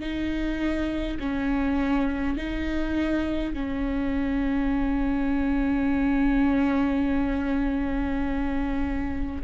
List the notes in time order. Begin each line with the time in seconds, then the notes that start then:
0.00 D#4
1.20 C#4
2.37 D#4
3.54 C#4